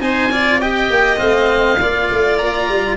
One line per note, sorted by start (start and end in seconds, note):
0.00 0.89 C4
0.00 0.31 D#4
0.00 0.32 C5
0.00 0.61 G#5
0.32 0.62 F4
0.32 0.61 D5
0.61 1.17 G4
0.61 1.80 D#5
0.61 1.19 G5
0.90 1.20 A#3
1.17 1.80 A3
1.17 1.77 C4
1.17 2.38 F5
1.81 2.11 A#3
1.81 2.97 F4
1.81 2.97 D5
2.12 2.41 A3
2.38 2.69 A#3
2.38 2.97 A#5
2.69 2.97 G3